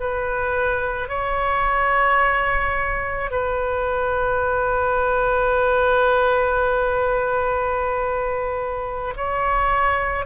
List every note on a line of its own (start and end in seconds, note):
0.00 1.09 B4
1.09 3.31 C#5
3.31 9.15 B4
9.17 10.26 C#5